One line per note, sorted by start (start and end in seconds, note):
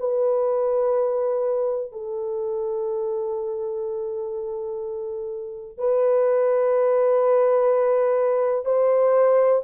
0.00 1.92 B4
1.92 5.78 A4
5.78 8.66 B4
8.66 9.62 C5